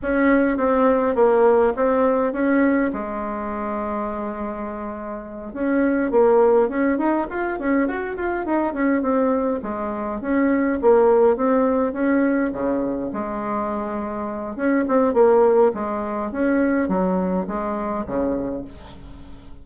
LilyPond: \new Staff \with { instrumentName = "bassoon" } { \time 4/4 \tempo 4 = 103 cis'4 c'4 ais4 c'4 | cis'4 gis2.~ | gis4. cis'4 ais4 cis'8 | dis'8 f'8 cis'8 fis'8 f'8 dis'8 cis'8 c'8~ |
c'8 gis4 cis'4 ais4 c'8~ | c'8 cis'4 cis4 gis4.~ | gis4 cis'8 c'8 ais4 gis4 | cis'4 fis4 gis4 cis4 | }